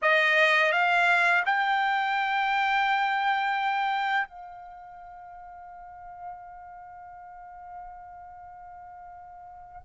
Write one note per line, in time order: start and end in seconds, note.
0.02 0.72 D#5
0.72 1.43 F5
1.45 4.27 G5
4.27 9.81 F5